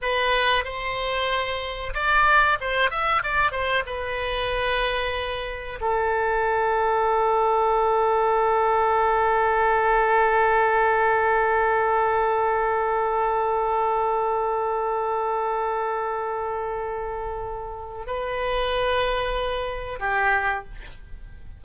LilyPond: \new Staff \with { instrumentName = "oboe" } { \time 4/4 \tempo 4 = 93 b'4 c''2 d''4 | c''8 e''8 d''8 c''8 b'2~ | b'4 a'2.~ | a'1~ |
a'1~ | a'1~ | a'1 | b'2. g'4 | }